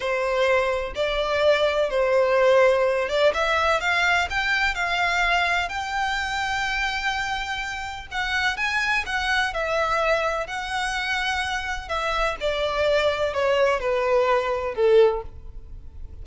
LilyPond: \new Staff \with { instrumentName = "violin" } { \time 4/4 \tempo 4 = 126 c''2 d''2 | c''2~ c''8 d''8 e''4 | f''4 g''4 f''2 | g''1~ |
g''4 fis''4 gis''4 fis''4 | e''2 fis''2~ | fis''4 e''4 d''2 | cis''4 b'2 a'4 | }